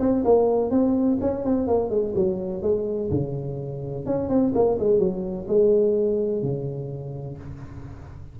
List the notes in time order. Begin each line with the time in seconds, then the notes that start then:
0.00 C4
0.25 A#3
0.71 C4
1.21 C#4
1.45 C4
1.68 A#3
1.90 G#3
2.16 F#3
2.63 G#3
3.11 C#3
4.06 C#4
4.29 C4
4.55 A#3
4.79 G#3
4.99 F#3
5.48 G#3
6.43 C#3